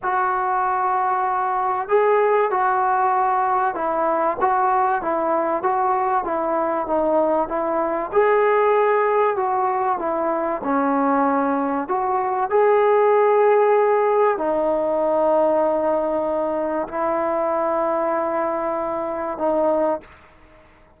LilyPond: \new Staff \with { instrumentName = "trombone" } { \time 4/4 \tempo 4 = 96 fis'2. gis'4 | fis'2 e'4 fis'4 | e'4 fis'4 e'4 dis'4 | e'4 gis'2 fis'4 |
e'4 cis'2 fis'4 | gis'2. dis'4~ | dis'2. e'4~ | e'2. dis'4 | }